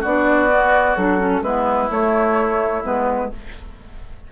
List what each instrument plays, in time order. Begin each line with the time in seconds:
0.00 bassoon B3, clarinet D4, oboe F#4, flute D5
0.49 clarinet B3
0.96 bassoon F#3, clarinet D4, flute A4
1.18 clarinet C#4
1.41 bassoon G#3, clarinet B3, oboe E4, flute B4
1.89 clarinet A3, bassoon A3, flute C#5
2.82 bassoon G#3, clarinet B3, flute B4